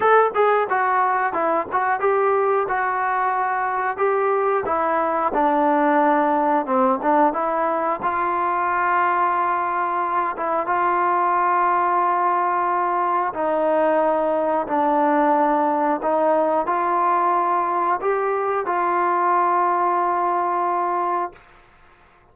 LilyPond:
\new Staff \with { instrumentName = "trombone" } { \time 4/4 \tempo 4 = 90 a'8 gis'8 fis'4 e'8 fis'8 g'4 | fis'2 g'4 e'4 | d'2 c'8 d'8 e'4 | f'2.~ f'8 e'8 |
f'1 | dis'2 d'2 | dis'4 f'2 g'4 | f'1 | }